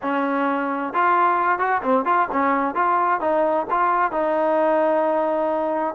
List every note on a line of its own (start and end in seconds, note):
0.02 0.93 C#4
0.93 1.58 F4
1.58 1.81 F#4
1.82 2.05 C4
2.05 2.28 F4
2.32 2.74 C#4
2.74 3.20 F4
3.20 3.66 D#4
3.70 4.11 F4
4.11 5.95 D#4